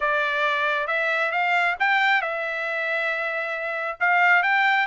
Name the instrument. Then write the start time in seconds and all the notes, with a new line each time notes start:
trumpet
0.00 D5
0.87 E5
1.31 F5
1.79 G5
2.21 E5
3.99 F5
4.43 G5